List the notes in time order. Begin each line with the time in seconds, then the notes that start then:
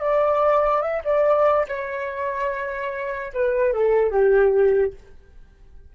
0.00 D5
0.81 E5
1.04 D5
1.67 C#5
3.33 B4
3.73 A4
4.10 G4